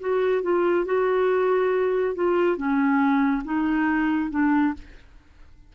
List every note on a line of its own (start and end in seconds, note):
0.00 0.42 F#4
0.42 0.85 F4
0.85 2.15 F#4
2.15 2.57 F4
2.57 3.43 C#4
3.44 4.30 D#4
4.30 4.73 D4